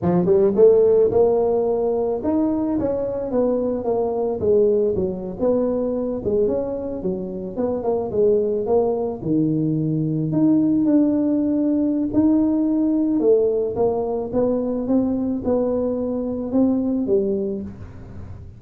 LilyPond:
\new Staff \with { instrumentName = "tuba" } { \time 4/4 \tempo 4 = 109 f8 g8 a4 ais2 | dis'4 cis'4 b4 ais4 | gis4 fis8. b4. gis8 cis'16~ | cis'8. fis4 b8 ais8 gis4 ais16~ |
ais8. dis2 dis'4 d'16~ | d'2 dis'2 | a4 ais4 b4 c'4 | b2 c'4 g4 | }